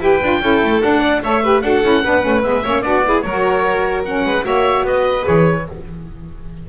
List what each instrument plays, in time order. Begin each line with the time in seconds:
0.00 double bass E4, saxophone G4, violin B4, oboe G5
0.22 double bass D4, saxophone F4
0.41 double bass C#4, saxophone E4, violin A4
0.63 double bass A3
0.82 saxophone D4, double bass D4, oboe F#5
1.00 violin D5
1.23 double bass A3, saxophone A4, violin C#5, oboe E5
1.43 saxophone G4, violin B4
1.61 double bass D4, saxophone F#4, violin A4, oboe F#5
1.83 double bass C#4, saxophone E4
2.04 double bass B3, saxophone D4, violin B4
2.21 double bass A3, saxophone C#4
2.42 double bass G#3, saxophone B3, oboe E5
2.63 double bass A#3, saxophone C#4, violin C#5
2.82 double bass B3, saxophone D4, violin F#4, oboe D5
3.05 saxophone E4, violin G#4
3.22 double bass F#3, saxophone F#4, violin A#4, oboe C#5
4.05 saxophone C#4, oboe F#5
4.25 double bass G#3, violin B4
4.43 double bass A#3, saxophone F#4, violin C#5, oboe E5
4.83 double bass B3, violin B4, oboe D#5
5.23 saxophone G#4, oboe C#5
5.29 double bass E3